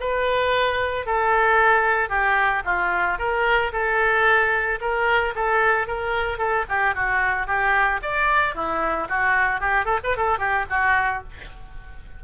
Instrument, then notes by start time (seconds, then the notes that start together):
oboe
0.00 B4
1.06 A4
2.09 G4
2.65 F4
3.18 A#4
3.72 A4
4.80 A#4
5.35 A4
5.87 A#4
6.38 A4
6.69 G4
6.95 F#4
7.47 G4
8.03 D5
8.54 E4
9.09 F#4
9.60 G4
9.85 A4
10.03 B4
10.17 A4
10.38 G4
10.70 F#4